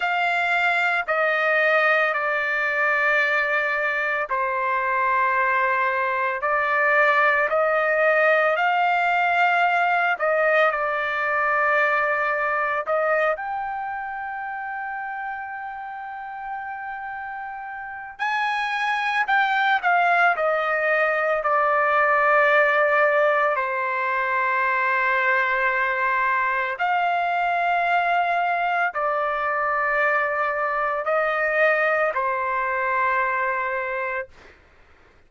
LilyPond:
\new Staff \with { instrumentName = "trumpet" } { \time 4/4 \tempo 4 = 56 f''4 dis''4 d''2 | c''2 d''4 dis''4 | f''4. dis''8 d''2 | dis''8 g''2.~ g''8~ |
g''4 gis''4 g''8 f''8 dis''4 | d''2 c''2~ | c''4 f''2 d''4~ | d''4 dis''4 c''2 | }